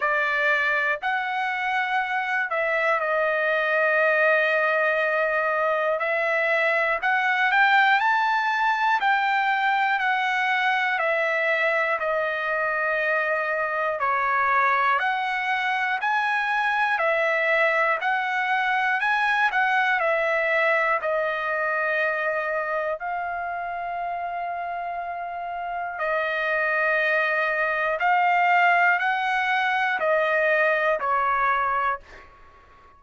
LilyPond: \new Staff \with { instrumentName = "trumpet" } { \time 4/4 \tempo 4 = 60 d''4 fis''4. e''8 dis''4~ | dis''2 e''4 fis''8 g''8 | a''4 g''4 fis''4 e''4 | dis''2 cis''4 fis''4 |
gis''4 e''4 fis''4 gis''8 fis''8 | e''4 dis''2 f''4~ | f''2 dis''2 | f''4 fis''4 dis''4 cis''4 | }